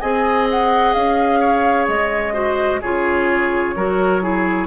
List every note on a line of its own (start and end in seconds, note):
0.00 0.95 C4
0.00 2.33 G#4
0.00 1.40 D#5
0.00 0.47 G#5
0.51 0.93 F#5
0.93 1.88 C#4
0.93 1.87 F5
1.40 2.33 C#5
1.88 2.81 G#3
1.88 2.81 D#5
2.33 2.80 F#4
2.33 2.80 C5
2.81 3.76 C#3
2.81 3.76 F4
2.81 3.75 G#4
2.81 4.67 C#5
3.76 4.67 F#3
3.76 4.21 F#4
3.76 4.23 A#4
4.21 4.67 E4
4.21 4.67 G#4